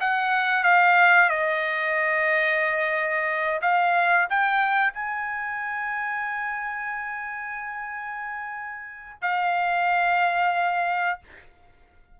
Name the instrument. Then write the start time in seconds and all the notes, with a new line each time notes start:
trumpet
0.00 F#5
0.63 F5
1.29 D#5
3.61 F5
4.29 G5
4.93 G#5
9.21 F5